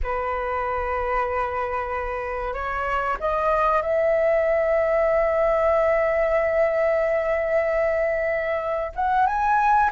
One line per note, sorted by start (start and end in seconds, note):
0.03 2.53 B4
2.53 3.17 C#5
3.19 3.82 D#5
3.82 8.92 E5
8.95 9.26 F#5
9.26 9.90 G#5